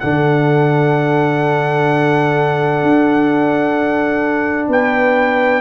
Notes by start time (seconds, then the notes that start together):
0.00 D3 D4 A4 F#5
2.83 D4
4.68 B3 B4 G5